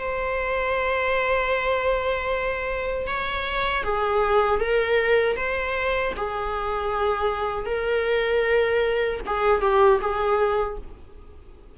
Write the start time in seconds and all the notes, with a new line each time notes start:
0.00 C5
3.07 C#5
3.84 G#4
4.60 A#4
5.37 C5
6.17 G#4
7.66 A#4
9.27 G#4
9.62 G4
10.01 G#4